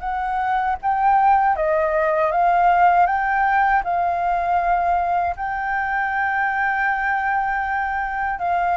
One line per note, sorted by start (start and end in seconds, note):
0.00 0.76 F#5
0.82 1.56 G5
1.56 2.32 D#5
2.32 3.06 F5
3.06 3.82 G5
3.84 5.36 F5
5.36 8.39 G5
8.39 8.77 F5